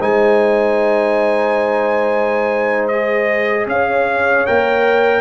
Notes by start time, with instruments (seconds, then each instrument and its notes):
0.00 tuba G#3, trombone D#4, horn C5, trumpet G#5
2.88 trombone G#4, trumpet D#5
3.67 tuba C#4, horn C#5, trumpet F5
4.46 tuba A#3, trombone A#4, trumpet G5